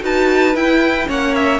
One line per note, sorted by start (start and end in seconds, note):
0.00 0.55 D#4
0.00 0.53 F#4
0.00 1.08 B4
0.00 0.55 A5
0.55 1.06 E4
0.55 1.08 E4
0.55 1.08 G5
1.06 1.59 A#3
1.06 1.59 C#4
1.06 1.59 C#5
1.06 1.35 F#5
1.35 1.59 E5